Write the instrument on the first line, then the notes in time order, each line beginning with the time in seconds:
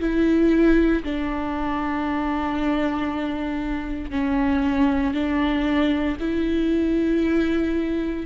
viola
0.00 E4
1.03 D4
4.11 C#4
5.14 D4
6.20 E4